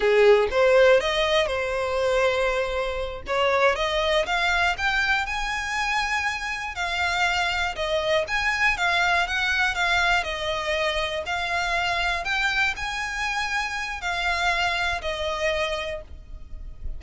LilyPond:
\new Staff \with { instrumentName = "violin" } { \time 4/4 \tempo 4 = 120 gis'4 c''4 dis''4 c''4~ | c''2~ c''8 cis''4 dis''8~ | dis''8 f''4 g''4 gis''4.~ | gis''4. f''2 dis''8~ |
dis''8 gis''4 f''4 fis''4 f''8~ | f''8 dis''2 f''4.~ | f''8 g''4 gis''2~ gis''8 | f''2 dis''2 | }